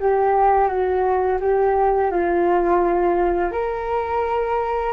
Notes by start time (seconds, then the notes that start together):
0.00 G4
0.68 F#4
1.40 G4
2.11 F4
3.51 A#4